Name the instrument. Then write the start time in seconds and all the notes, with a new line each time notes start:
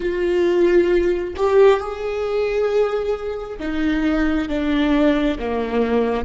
viola
0.00 F4
1.36 G4
1.80 G#4
3.59 D#4
4.48 D4
5.38 A#3